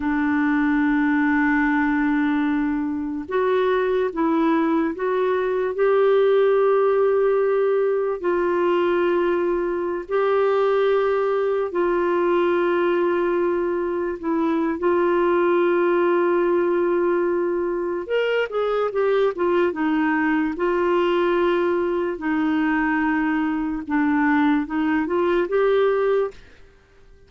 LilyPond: \new Staff \with { instrumentName = "clarinet" } { \time 4/4 \tempo 4 = 73 d'1 | fis'4 e'4 fis'4 g'4~ | g'2 f'2~ | f'16 g'2 f'4.~ f'16~ |
f'4~ f'16 e'8. f'2~ | f'2 ais'8 gis'8 g'8 f'8 | dis'4 f'2 dis'4~ | dis'4 d'4 dis'8 f'8 g'4 | }